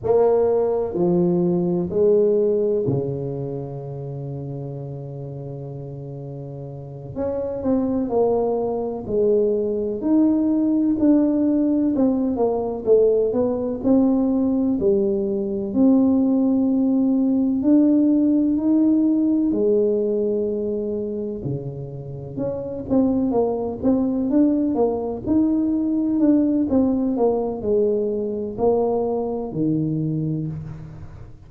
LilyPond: \new Staff \with { instrumentName = "tuba" } { \time 4/4 \tempo 4 = 63 ais4 f4 gis4 cis4~ | cis2.~ cis8 cis'8 | c'8 ais4 gis4 dis'4 d'8~ | d'8 c'8 ais8 a8 b8 c'4 g8~ |
g8 c'2 d'4 dis'8~ | dis'8 gis2 cis4 cis'8 | c'8 ais8 c'8 d'8 ais8 dis'4 d'8 | c'8 ais8 gis4 ais4 dis4 | }